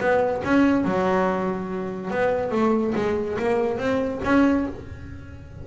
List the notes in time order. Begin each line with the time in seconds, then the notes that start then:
0.00 B3
0.45 C#4
0.85 F#3
2.11 B3
2.52 A3
2.96 G#3
3.39 A#3
3.78 C4
4.25 C#4